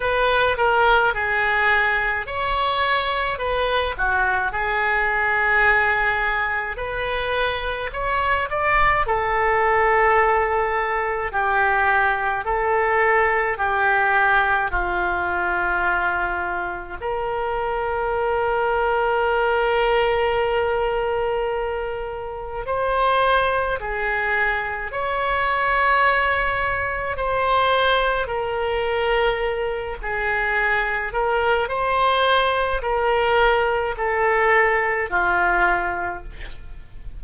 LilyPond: \new Staff \with { instrumentName = "oboe" } { \time 4/4 \tempo 4 = 53 b'8 ais'8 gis'4 cis''4 b'8 fis'8 | gis'2 b'4 cis''8 d''8 | a'2 g'4 a'4 | g'4 f'2 ais'4~ |
ais'1 | c''4 gis'4 cis''2 | c''4 ais'4. gis'4 ais'8 | c''4 ais'4 a'4 f'4 | }